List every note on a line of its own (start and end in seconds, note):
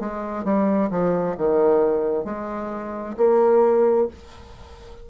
0.00 0.45 G#3
0.45 0.90 G3
0.90 1.36 F3
1.38 2.25 D#3
2.25 3.16 G#3
3.17 4.08 A#3